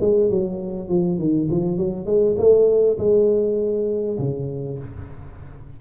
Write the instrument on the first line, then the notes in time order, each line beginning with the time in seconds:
tuba
0.00 G#3
0.29 F#3
0.88 F3
1.18 D#3
1.50 F3
1.77 F#3
2.05 G#3
2.37 A3
2.98 G#3
4.18 C#3